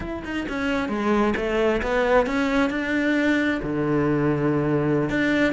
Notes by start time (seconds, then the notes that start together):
0.00 E4
0.24 D#4
0.49 C#4
0.89 G#3
1.36 A3
1.82 B3
2.26 C#4
2.70 D4
3.62 D3
5.09 D4